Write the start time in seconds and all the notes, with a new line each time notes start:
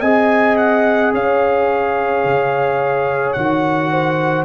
0.00 C4 G#4 D#5 G#5
0.56 F#5
1.12 C#4 C#5 F5
2.24 C#3
3.32 D#3 F#4 F#5
3.91 C5